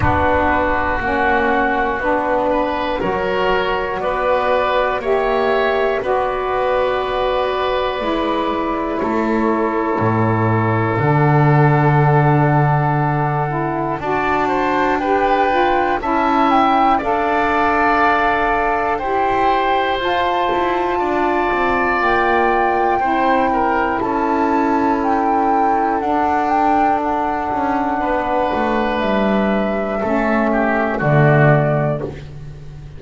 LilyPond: <<
  \new Staff \with { instrumentName = "flute" } { \time 4/4 \tempo 4 = 60 b'4 fis''4 b'4 cis''4 | d''4 e''4 d''2~ | d''4 cis''2 fis''4~ | fis''2 a''4 g''4 |
a''8 g''8 f''2 g''4 | a''2 g''2 | a''4 g''4 fis''8 g''8 fis''4~ | fis''4 e''2 d''4 | }
  \new Staff \with { instrumentName = "oboe" } { \time 4/4 fis'2~ fis'8 b'8 ais'4 | b'4 cis''4 b'2~ | b'4 a'2.~ | a'2 d''8 c''8 b'4 |
e''4 d''2 c''4~ | c''4 d''2 c''8 ais'8 | a'1 | b'2 a'8 g'8 fis'4 | }
  \new Staff \with { instrumentName = "saxophone" } { \time 4/4 d'4 cis'4 d'4 fis'4~ | fis'4 g'4 fis'2 | e'2. d'4~ | d'4. e'8 fis'4 g'8 f'8 |
e'4 a'2 g'4 | f'2. e'4~ | e'2 d'2~ | d'2 cis'4 a4 | }
  \new Staff \with { instrumentName = "double bass" } { \time 4/4 b4 ais4 b4 fis4 | b4 ais4 b2 | gis4 a4 a,4 d4~ | d2 d'2 |
cis'4 d'2 e'4 | f'8 e'8 d'8 c'8 ais4 c'4 | cis'2 d'4. cis'8 | b8 a8 g4 a4 d4 | }
>>